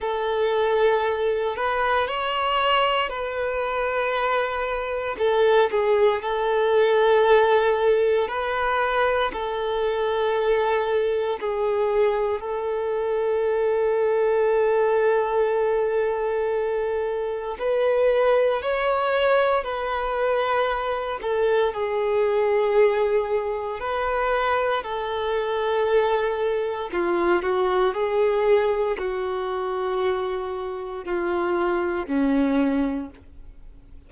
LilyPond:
\new Staff \with { instrumentName = "violin" } { \time 4/4 \tempo 4 = 58 a'4. b'8 cis''4 b'4~ | b'4 a'8 gis'8 a'2 | b'4 a'2 gis'4 | a'1~ |
a'4 b'4 cis''4 b'4~ | b'8 a'8 gis'2 b'4 | a'2 f'8 fis'8 gis'4 | fis'2 f'4 cis'4 | }